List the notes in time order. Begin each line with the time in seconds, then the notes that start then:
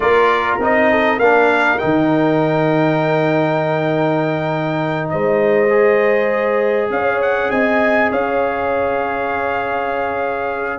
0.00 A#3 F4 A#4 D5
0.59 C4 D#4 D#5
0.91 A4
1.18 A#3 D4 A#4 F5
1.78 D#3 D#4 G5
5.09 G#3 C5 D#5
5.69 G#4
6.89 C#4 C#5 F5
7.21 F#5
7.50 C4 D#5 G#5
8.11 C#4 C#5 F5